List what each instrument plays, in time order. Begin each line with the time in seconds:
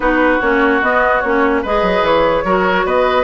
0.00 bassoon B3, clarinet D#4, oboe F#4, flute B4
0.40 bassoon A#3, clarinet C#4, flute C#5
0.82 bassoon B3, clarinet B3, flute D#5
1.20 bassoon A#3, clarinet C#4, flute C#5
1.62 bassoon G#3, clarinet G#4, oboe B4, flute D#5
1.82 bassoon F#3
2.01 bassoon E3, flute C#5
2.44 bassoon F#3, clarinet F#4, oboe A#4
2.85 bassoon B3, oboe B4, flute D#5